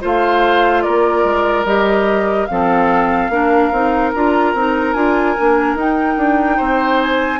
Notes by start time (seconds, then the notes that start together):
0.00 A3 F4 C5
0.06 F5
0.82 A#3 A#4 D5
1.24 G#3
1.64 G3 G4 D#5
2.46 F3 C4 A4 F5
3.29 A#3 D4 A#4
3.72 C4 D#4
4.13 D4 F4 A#5
4.54 C4 D#4
4.93 D4 F4 G#5
5.37 A#3 D4
5.74 D#4 G5
6.17 D4
6.57 C4 C5
7.02 G#5